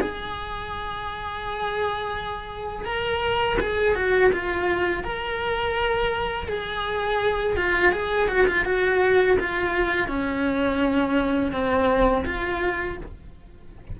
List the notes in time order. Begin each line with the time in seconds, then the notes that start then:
0.00 G#4
2.85 A#4
3.59 G#4
3.95 F#4
4.32 F4
5.03 A#4
6.48 G#4
7.56 F4
7.92 G#4
8.28 F#4
8.46 F4
8.65 F#4
9.39 F4
10.07 C#4
11.52 C4
12.25 F4